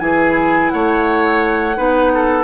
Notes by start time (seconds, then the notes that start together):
0.00 E3 E4 G#4 G#5
0.70 A3 C#5 F#5
1.77 B3 D#4 B4
2.14 A4